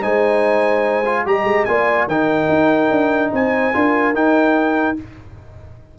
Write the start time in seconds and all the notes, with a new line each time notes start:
0.00 G#3 D#4 C5 G#5
1.06 F4
1.26 G3 G4 D#5 A#5
1.44 G#3
1.65 A#3 F4 D5 G#5
2.07 D#3 D#4 A#4 G5
2.49 D#4
2.91 D4
3.33 C4 C5 G#5
3.74 D4 F4 A#4
4.14 D#4 G5